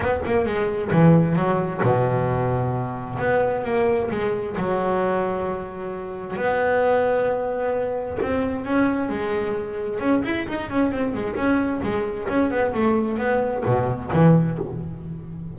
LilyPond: \new Staff \with { instrumentName = "double bass" } { \time 4/4 \tempo 4 = 132 b8 ais8 gis4 e4 fis4 | b,2. b4 | ais4 gis4 fis2~ | fis2 b2~ |
b2 c'4 cis'4 | gis2 cis'8 e'8 dis'8 cis'8 | c'8 gis8 cis'4 gis4 cis'8 b8 | a4 b4 b,4 e4 | }